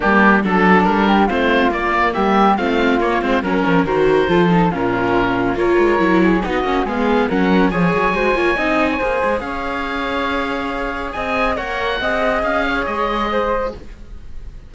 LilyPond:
<<
  \new Staff \with { instrumentName = "oboe" } { \time 4/4 \tempo 4 = 140 g'4 a'4 ais'4 c''4 | d''4 e''4 f''4 cis''8 c''8 | ais'4 c''2 ais'4~ | ais'4 cis''2 dis''4 |
f''4 fis''4 gis''2~ | gis''2 f''2~ | f''2 gis''4 fis''4~ | fis''4 f''4 dis''2 | }
  \new Staff \with { instrumentName = "flute" } { \time 4/4 d'4 a'4. g'8 f'4~ | f'4 g'4 f'2 | ais'2 a'4 f'4~ | f'4 ais'4. gis'8 fis'4 |
gis'4 ais'4 cis''4 c''8 cis''8 | dis''8. cis''16 c''4 cis''2~ | cis''2 dis''4 cis''4 | dis''4. cis''4. c''4 | }
  \new Staff \with { instrumentName = "viola" } { \time 4/4 ais4 d'2 c'4 | ais2 c'4 ais8 c'8 | cis'4 fis'4 f'8 dis'8 cis'4~ | cis'4 f'4 e'4 dis'8 cis'8 |
b4 cis'4 gis'4 fis'8 f'8 | dis'4 gis'2.~ | gis'2. ais'4 | gis'1 | }
  \new Staff \with { instrumentName = "cello" } { \time 4/4 g4 fis4 g4 a4 | ais4 g4 a4 ais8 gis8 | fis8 f8 dis4 f4 ais,4~ | ais,4 ais8 gis8 fis4 b8 ais8 |
gis4 fis4 f8 fis8 gis8 ais8 | c'4 ais8 gis8 cis'2~ | cis'2 c'4 ais4 | c'4 cis'4 gis2 | }
>>